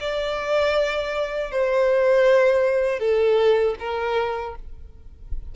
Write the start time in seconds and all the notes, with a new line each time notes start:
0.00 D5
1.52 C5
2.99 A4
3.79 A#4